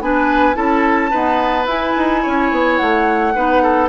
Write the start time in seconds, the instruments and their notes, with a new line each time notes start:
0.00 bassoon B3, clarinet D4, oboe B4, flute G#5
0.54 bassoon C#4, clarinet E4, oboe A4, flute A5
1.11 clarinet B3, bassoon D#4, oboe B4
1.66 bassoon E4, clarinet E4, flute G#5
1.97 bassoon D#4
2.22 bassoon C#4, oboe C#5
2.51 bassoon B3
2.77 bassoon A3, flute F#5
3.35 bassoon B3, clarinet D#4, oboe B4
3.63 oboe A4